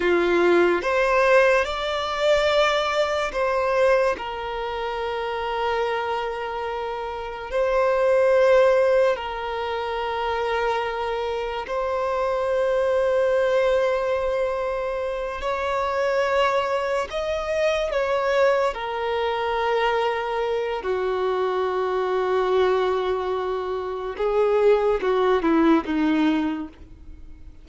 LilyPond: \new Staff \with { instrumentName = "violin" } { \time 4/4 \tempo 4 = 72 f'4 c''4 d''2 | c''4 ais'2.~ | ais'4 c''2 ais'4~ | ais'2 c''2~ |
c''2~ c''8 cis''4.~ | cis''8 dis''4 cis''4 ais'4.~ | ais'4 fis'2.~ | fis'4 gis'4 fis'8 e'8 dis'4 | }